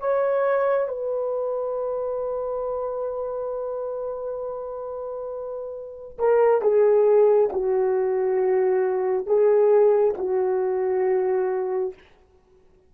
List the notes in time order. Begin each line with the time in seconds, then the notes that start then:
0.00 C#5
0.89 B4
6.19 A#4
6.62 G#4
7.53 F#4
9.27 G#4
10.18 F#4